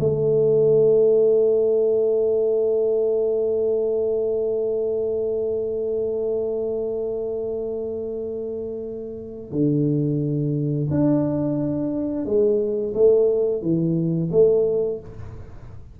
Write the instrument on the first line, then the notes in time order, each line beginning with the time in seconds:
tuba
0.00 A3
9.52 D3
10.91 D4
12.25 G#3
12.94 A3
13.62 E3
14.32 A3